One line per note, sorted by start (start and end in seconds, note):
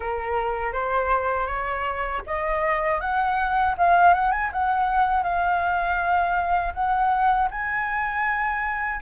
0.00 0.72 A#4
0.72 1.46 C5
1.46 2.21 C#5
2.26 3.00 D#5
3.00 3.75 F#5
3.77 4.14 F5
4.14 4.31 F#5
4.31 4.50 G#5
4.52 5.23 F#5
5.23 6.73 F5
6.74 7.49 F#5
7.50 9.00 G#5